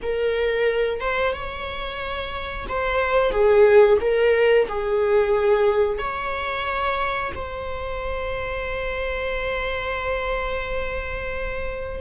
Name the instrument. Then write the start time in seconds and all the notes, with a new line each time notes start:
viola
0.02 A#4
1.00 C5
1.33 C#5
2.68 C5
3.31 G#4
4.00 A#4
4.68 G#4
5.98 C#5
7.35 C5